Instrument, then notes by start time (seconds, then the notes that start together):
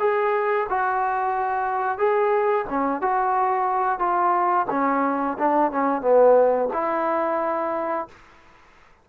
trombone
0.00 G#4
0.70 F#4
1.99 G#4
2.70 C#4
3.02 F#4
3.99 F4
4.70 C#4
5.39 D4
5.72 C#4
6.02 B3
6.74 E4